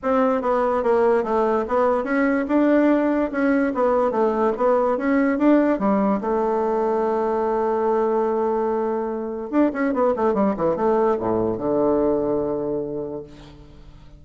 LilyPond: \new Staff \with { instrumentName = "bassoon" } { \time 4/4 \tempo 4 = 145 c'4 b4 ais4 a4 | b4 cis'4 d'2 | cis'4 b4 a4 b4 | cis'4 d'4 g4 a4~ |
a1~ | a2. d'8 cis'8 | b8 a8 g8 e8 a4 a,4 | d1 | }